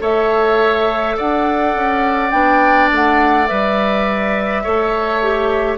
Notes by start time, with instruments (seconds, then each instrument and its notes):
0.00 bassoon A3, clarinet A4, oboe C#5, flute E5
1.17 bassoon D4, oboe D5, flute F#5
1.75 bassoon C#4
2.31 bassoon B3, clarinet D4, flute G5
2.92 bassoon A3, flute F#5
3.47 bassoon G3, clarinet B4, flute E5
4.63 bassoon A3, clarinet A4, oboe C#5
5.22 clarinet G4